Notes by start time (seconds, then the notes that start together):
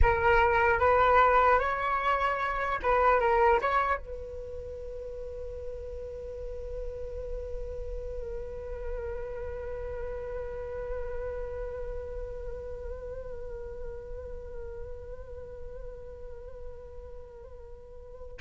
0.02 A#4
0.79 B4
1.59 C#5
2.82 B4
3.20 A#4
3.61 C#5
3.97 B4